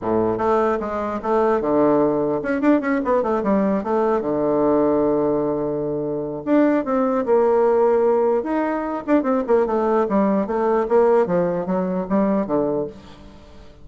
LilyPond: \new Staff \with { instrumentName = "bassoon" } { \time 4/4 \tempo 4 = 149 a,4 a4 gis4 a4 | d2 cis'8 d'8 cis'8 b8 | a8 g4 a4 d4.~ | d1 |
d'4 c'4 ais2~ | ais4 dis'4. d'8 c'8 ais8 | a4 g4 a4 ais4 | f4 fis4 g4 d4 | }